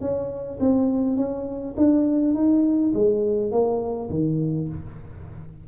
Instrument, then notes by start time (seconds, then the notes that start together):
tuba
0.00 C#4
0.59 C4
1.16 C#4
1.77 D4
2.34 D#4
2.93 G#3
3.51 A#3
4.10 D#3